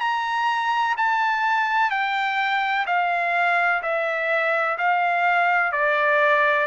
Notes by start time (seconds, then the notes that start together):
0.00 A#5
0.97 A5
1.90 G5
2.86 F5
3.82 E5
4.77 F5
5.72 D5